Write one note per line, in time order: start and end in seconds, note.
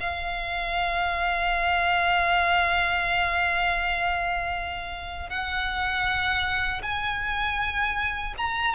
0.00 5.30 F5
5.30 6.81 F#5
6.82 8.34 G#5
8.38 8.74 A#5